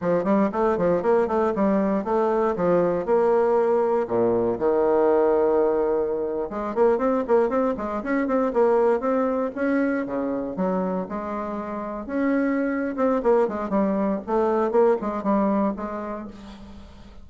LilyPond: \new Staff \with { instrumentName = "bassoon" } { \time 4/4 \tempo 4 = 118 f8 g8 a8 f8 ais8 a8 g4 | a4 f4 ais2 | ais,4 dis2.~ | dis8. gis8 ais8 c'8 ais8 c'8 gis8 cis'16~ |
cis'16 c'8 ais4 c'4 cis'4 cis16~ | cis8. fis4 gis2 cis'16~ | cis'4. c'8 ais8 gis8 g4 | a4 ais8 gis8 g4 gis4 | }